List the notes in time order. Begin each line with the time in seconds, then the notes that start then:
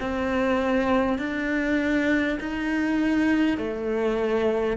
0.00 C4
1.18 D4
2.40 D#4
3.58 A3